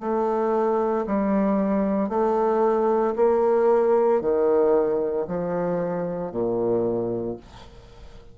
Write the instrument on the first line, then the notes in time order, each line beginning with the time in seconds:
bassoon
0.00 A3
1.06 G3
2.09 A3
3.16 A#3
4.21 D#3
5.27 F3
6.32 A#2